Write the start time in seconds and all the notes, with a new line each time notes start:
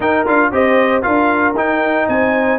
0.00 D#4 A#4 G5
0.26 D4 F4 F5
0.51 C4 G4 C5 D#5
1.02 D4 F4 A#4 F5
1.54 D#4 G5
2.08 C4 C5 G#5